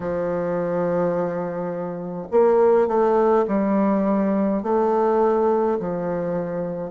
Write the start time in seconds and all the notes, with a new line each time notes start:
0.00 F3
2.31 A#3
2.87 A3
3.47 G3
4.63 A3
5.79 F3